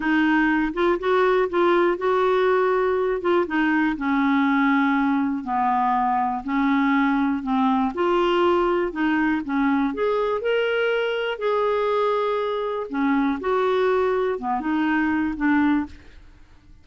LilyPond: \new Staff \with { instrumentName = "clarinet" } { \time 4/4 \tempo 4 = 121 dis'4. f'8 fis'4 f'4 | fis'2~ fis'8 f'8 dis'4 | cis'2. b4~ | b4 cis'2 c'4 |
f'2 dis'4 cis'4 | gis'4 ais'2 gis'4~ | gis'2 cis'4 fis'4~ | fis'4 b8 dis'4. d'4 | }